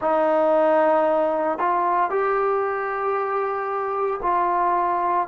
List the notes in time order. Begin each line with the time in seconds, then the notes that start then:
0.00 D#4
1.58 F4
2.10 G4
4.22 F4